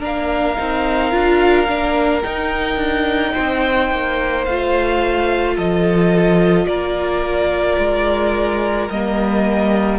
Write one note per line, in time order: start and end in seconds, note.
0.00 0.57 A#3
0.00 0.56 D4
0.00 3.33 A#4
0.00 2.23 F5
0.56 1.14 C4
0.56 1.11 D#4
1.11 1.68 D4
1.11 1.67 F4
1.68 2.24 A#3
1.68 2.23 D4
2.23 4.46 D#4
2.23 2.76 D#4
2.23 4.45 G5
2.76 3.32 D4
3.33 3.91 C4
3.33 5.55 C5
3.91 4.47 A#3
4.45 5.57 A3
4.45 8.93 F4
4.45 5.56 F5
5.55 6.66 F3
5.55 6.66 A4
5.55 6.67 D#5
6.66 7.77 A#3
6.66 9.99 A#4
6.66 8.89 D5
7.78 8.89 G#3
8.90 9.99 G3
8.90 9.99 A#3
8.90 9.99 D#5